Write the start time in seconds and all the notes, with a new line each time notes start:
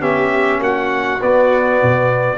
0.00 B3 C#4 G4 E5
0.59 A#3 F#4 F#5
1.21 B3 D5
1.82 B2